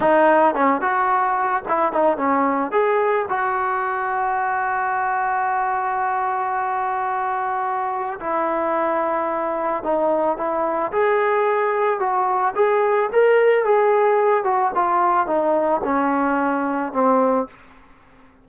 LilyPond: \new Staff \with { instrumentName = "trombone" } { \time 4/4 \tempo 4 = 110 dis'4 cis'8 fis'4. e'8 dis'8 | cis'4 gis'4 fis'2~ | fis'1~ | fis'2. e'4~ |
e'2 dis'4 e'4 | gis'2 fis'4 gis'4 | ais'4 gis'4. fis'8 f'4 | dis'4 cis'2 c'4 | }